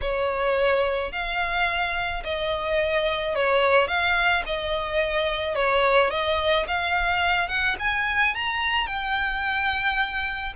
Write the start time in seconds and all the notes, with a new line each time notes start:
0.01 C#5
1.12 F5
2.24 D#5
3.35 C#5
3.87 F5
4.46 D#5
5.55 C#5
6.10 D#5
6.67 F5
7.48 F#5
7.79 G#5
8.35 A#5
8.87 G5